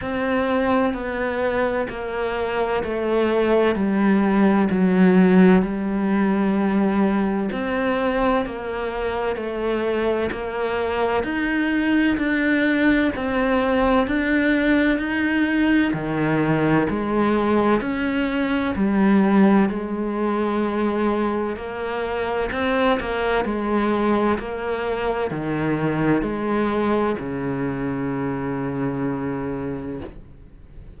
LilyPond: \new Staff \with { instrumentName = "cello" } { \time 4/4 \tempo 4 = 64 c'4 b4 ais4 a4 | g4 fis4 g2 | c'4 ais4 a4 ais4 | dis'4 d'4 c'4 d'4 |
dis'4 dis4 gis4 cis'4 | g4 gis2 ais4 | c'8 ais8 gis4 ais4 dis4 | gis4 cis2. | }